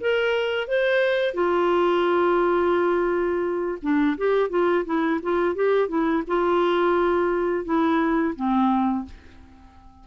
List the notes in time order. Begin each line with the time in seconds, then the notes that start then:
0.00 A#4
0.68 C5
1.34 F4
3.82 D4
4.17 G4
4.50 F4
4.85 E4
5.22 F4
5.55 G4
5.88 E4
6.27 F4
7.65 E4
8.35 C4